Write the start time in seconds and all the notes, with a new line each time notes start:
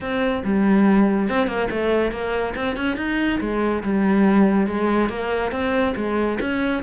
0.00 C4
0.44 G3
1.29 C4
1.47 A#3
1.70 A3
2.11 A#3
2.55 C4
2.76 C#4
2.97 D#4
3.40 G#3
3.83 G3
4.67 G#3
5.09 A#3
5.51 C4
5.96 G#3
6.40 C#4